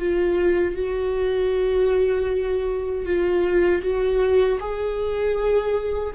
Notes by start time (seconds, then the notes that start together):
0.00 F4
0.76 F#4
3.06 F4
3.83 F#4
4.60 G#4